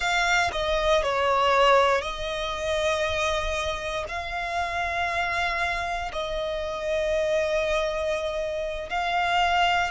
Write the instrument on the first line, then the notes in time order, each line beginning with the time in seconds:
violin
0.00 F5
0.51 D#5
1.02 C#5
2.01 D#5
4.08 F5
6.12 D#5
8.89 F5